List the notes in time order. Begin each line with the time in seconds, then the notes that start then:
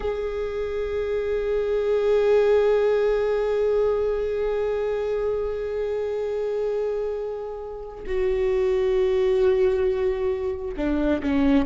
0.00 G#4
8.06 F#4
10.77 D4
11.22 C#4